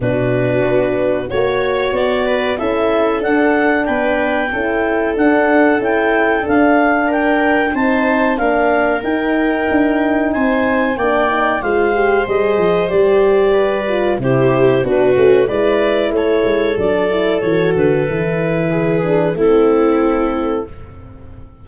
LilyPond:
<<
  \new Staff \with { instrumentName = "clarinet" } { \time 4/4 \tempo 4 = 93 b'2 cis''4 d''4 | e''4 fis''4 g''2 | fis''4 g''4 f''4 g''4 | a''4 f''4 g''2 |
gis''4 g''4 f''4 dis''4 | d''2 c''4 b'4 | d''4 cis''4 d''4 cis''8 b'8~ | b'2 a'2 | }
  \new Staff \with { instrumentName = "viola" } { \time 4/4 fis'2 cis''4. b'8 | a'2 b'4 a'4~ | a'2. ais'4 | c''4 ais'2. |
c''4 d''4 c''2~ | c''4 b'4 g'4 fis'4 | b'4 a'2.~ | a'4 gis'4 e'2 | }
  \new Staff \with { instrumentName = "horn" } { \time 4/4 d'2 fis'2 | e'4 d'2 e'4 | d'4 e'4 d'2 | dis'4 d'4 dis'2~ |
dis'4 d'8 dis'8 f'8 g'8 gis'4 | g'4. f'8 e'4 d'8 cis'8 | e'2 d'8 e'8 fis'4 | e'4. d'8 c'2 | }
  \new Staff \with { instrumentName = "tuba" } { \time 4/4 b,4 b4 ais4 b4 | cis'4 d'4 b4 cis'4 | d'4 cis'4 d'2 | c'4 ais4 dis'4 d'4 |
c'4 ais4 gis4 g8 f8 | g2 c4 b8 a8 | gis4 a8 gis8 fis4 e8 d8 | e2 a2 | }
>>